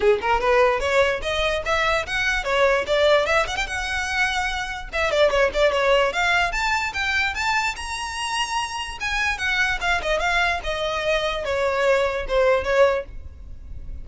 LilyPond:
\new Staff \with { instrumentName = "violin" } { \time 4/4 \tempo 4 = 147 gis'8 ais'8 b'4 cis''4 dis''4 | e''4 fis''4 cis''4 d''4 | e''8 fis''16 g''16 fis''2. | e''8 d''8 cis''8 d''8 cis''4 f''4 |
a''4 g''4 a''4 ais''4~ | ais''2 gis''4 fis''4 | f''8 dis''8 f''4 dis''2 | cis''2 c''4 cis''4 | }